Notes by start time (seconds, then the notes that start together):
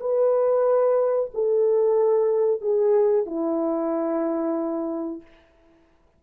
0.00 B4
1.34 A4
2.61 G#4
3.26 E4